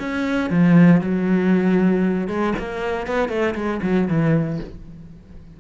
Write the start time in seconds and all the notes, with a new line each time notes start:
0.00 C#4
0.50 F3
1.01 F#3
2.28 G#3
2.59 A#3
3.07 B3
3.29 A3
3.55 G#3
3.83 F#3
4.08 E3